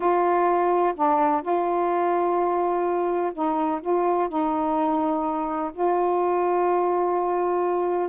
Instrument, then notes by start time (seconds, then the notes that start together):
saxophone
0.00 F4
0.95 D4
1.42 F4
3.33 D#4
3.81 F4
4.29 D#4
5.73 F4